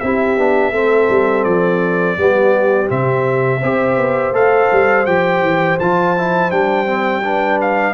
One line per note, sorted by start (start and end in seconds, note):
0.00 0.38 C4
0.00 0.37 E4
0.00 0.73 G4
0.00 1.44 E5
0.37 0.72 B3
0.37 0.73 D4
0.72 1.08 A3
0.72 2.18 C4
0.72 2.17 A4
1.09 1.45 G3
1.44 2.17 F3
1.44 2.88 D5
2.18 2.90 G3
2.18 2.88 B3
2.18 3.61 G4
2.88 3.63 C3
2.88 3.60 C4
2.88 4.35 E5
3.61 3.97 C4
3.61 4.34 G4
3.61 7.22 C5
3.97 4.31 B3
4.31 4.68 A3
4.31 5.06 A4
4.31 5.06 F5
4.72 5.07 G3
5.06 5.42 F3
5.06 5.79 G4
5.06 5.78 G5
5.42 5.78 E3
5.80 6.52 F3
5.80 6.17 F4
5.80 6.51 A5
6.17 6.51 E4
6.51 7.94 G3
6.51 6.86 D4
6.51 7.60 G5
6.86 7.22 C4
7.23 7.94 D4
7.23 7.94 B4
7.61 7.94 F5